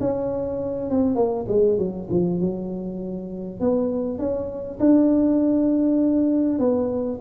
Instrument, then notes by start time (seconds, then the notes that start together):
tuba
0.00 C#4
0.90 C4
1.15 A#3
1.48 G#3
1.78 F#3
2.10 F3
2.40 F#3
3.60 B3
4.18 C#4
4.79 D4
6.59 B3